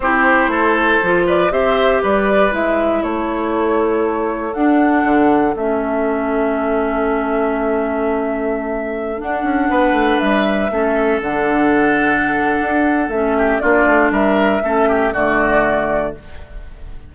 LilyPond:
<<
  \new Staff \with { instrumentName = "flute" } { \time 4/4 \tempo 4 = 119 c''2~ c''8 d''8 e''4 | d''4 e''4 cis''2~ | cis''4 fis''2 e''4~ | e''1~ |
e''2~ e''16 fis''4.~ fis''16~ | fis''16 e''2 fis''4.~ fis''16~ | fis''2 e''4 d''4 | e''2 d''2 | }
  \new Staff \with { instrumentName = "oboe" } { \time 4/4 g'4 a'4. b'8 c''4 | b'2 a'2~ | a'1~ | a'1~ |
a'2.~ a'16 b'8.~ | b'4~ b'16 a'2~ a'8.~ | a'2~ a'8 g'8 f'4 | ais'4 a'8 g'8 fis'2 | }
  \new Staff \with { instrumentName = "clarinet" } { \time 4/4 e'2 f'4 g'4~ | g'4 e'2.~ | e'4 d'2 cis'4~ | cis'1~ |
cis'2~ cis'16 d'4.~ d'16~ | d'4~ d'16 cis'4 d'4.~ d'16~ | d'2 cis'4 d'4~ | d'4 cis'4 a2 | }
  \new Staff \with { instrumentName = "bassoon" } { \time 4/4 c'4 a4 f4 c'4 | g4 gis4 a2~ | a4 d'4 d4 a4~ | a1~ |
a2~ a16 d'8 cis'8 b8 a16~ | a16 g4 a4 d4.~ d16~ | d4 d'4 a4 ais8 a8 | g4 a4 d2 | }
>>